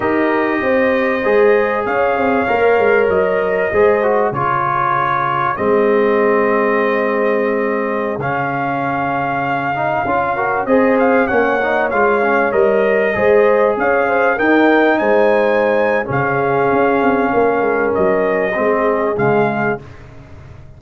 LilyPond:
<<
  \new Staff \with { instrumentName = "trumpet" } { \time 4/4 \tempo 4 = 97 dis''2. f''4~ | f''4 dis''2 cis''4~ | cis''4 dis''2.~ | dis''4~ dis''16 f''2~ f''8.~ |
f''4~ f''16 dis''8 f''8 fis''4 f''8.~ | f''16 dis''2 f''4 g''8.~ | g''16 gis''4.~ gis''16 f''2~ | f''4 dis''2 f''4 | }
  \new Staff \with { instrumentName = "horn" } { \time 4/4 ais'4 c''2 cis''4~ | cis''2 c''4 gis'4~ | gis'1~ | gis'1~ |
gis'8. ais'8 c''4 cis''4.~ cis''16~ | cis''4~ cis''16 c''4 cis''8 c''8 ais'8.~ | ais'16 c''4.~ c''16 gis'2 | ais'2 gis'2 | }
  \new Staff \with { instrumentName = "trombone" } { \time 4/4 g'2 gis'2 | ais'2 gis'8 fis'8 f'4~ | f'4 c'2.~ | c'4~ c'16 cis'2~ cis'8 dis'16~ |
dis'16 f'8 fis'8 gis'4 cis'8 dis'8 f'8 cis'16~ | cis'16 ais'4 gis'2 dis'8.~ | dis'2 cis'2~ | cis'2 c'4 gis4 | }
  \new Staff \with { instrumentName = "tuba" } { \time 4/4 dis'4 c'4 gis4 cis'8 c'8 | ais8 gis8 fis4 gis4 cis4~ | cis4 gis2.~ | gis4~ gis16 cis2~ cis8.~ |
cis16 cis'4 c'4 ais4 gis8.~ | gis16 g4 gis4 cis'4 dis'8.~ | dis'16 gis4.~ gis16 cis4 cis'8 c'8 | ais8 gis8 fis4 gis4 cis4 | }
>>